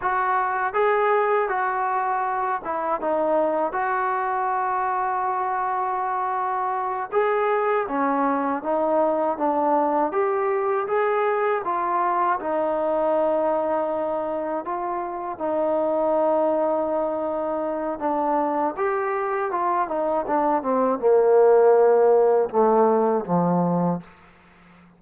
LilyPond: \new Staff \with { instrumentName = "trombone" } { \time 4/4 \tempo 4 = 80 fis'4 gis'4 fis'4. e'8 | dis'4 fis'2.~ | fis'4. gis'4 cis'4 dis'8~ | dis'8 d'4 g'4 gis'4 f'8~ |
f'8 dis'2. f'8~ | f'8 dis'2.~ dis'8 | d'4 g'4 f'8 dis'8 d'8 c'8 | ais2 a4 f4 | }